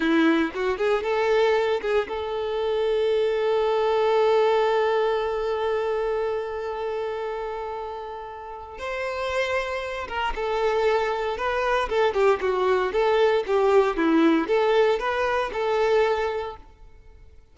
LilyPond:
\new Staff \with { instrumentName = "violin" } { \time 4/4 \tempo 4 = 116 e'4 fis'8 gis'8 a'4. gis'8 | a'1~ | a'1~ | a'1~ |
a'4 c''2~ c''8 ais'8 | a'2 b'4 a'8 g'8 | fis'4 a'4 g'4 e'4 | a'4 b'4 a'2 | }